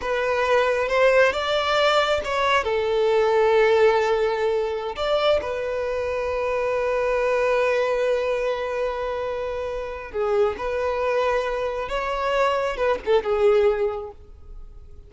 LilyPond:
\new Staff \with { instrumentName = "violin" } { \time 4/4 \tempo 4 = 136 b'2 c''4 d''4~ | d''4 cis''4 a'2~ | a'2.~ a'16 d''8.~ | d''16 b'2.~ b'8.~ |
b'1~ | b'2. gis'4 | b'2. cis''4~ | cis''4 b'8 a'8 gis'2 | }